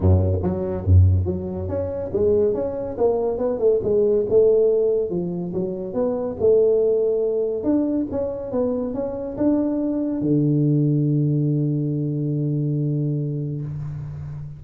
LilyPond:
\new Staff \with { instrumentName = "tuba" } { \time 4/4 \tempo 4 = 141 fis,4 fis4 fis,4 fis4 | cis'4 gis4 cis'4 ais4 | b8 a8 gis4 a2 | f4 fis4 b4 a4~ |
a2 d'4 cis'4 | b4 cis'4 d'2 | d1~ | d1 | }